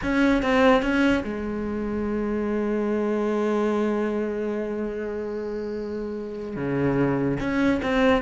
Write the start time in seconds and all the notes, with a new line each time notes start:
0.02 C#4
0.42 C4
0.82 C#4
1.23 G#3
6.56 C#3
7.40 C#4
7.82 C4